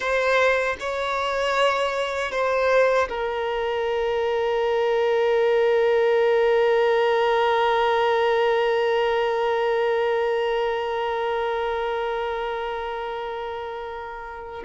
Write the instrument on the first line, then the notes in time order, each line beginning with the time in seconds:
violin
0.00 C5
0.80 C#5
2.31 C5
3.09 A#4